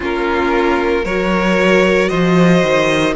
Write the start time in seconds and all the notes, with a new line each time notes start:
0.00 A#3 C#4 F4 A#4
1.04 F#3 F#4 A#4 C#5
2.08 F3 C5 D#5
2.62 D#3